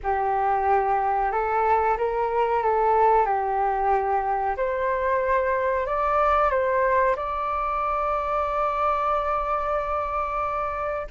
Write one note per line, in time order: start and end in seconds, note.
0.03 1.31 G4
1.31 1.97 A4
1.97 2.62 A#4
2.62 3.25 A4
3.25 4.56 G4
4.56 5.86 C5
5.86 6.50 D5
6.50 7.15 C5
7.16 11.07 D5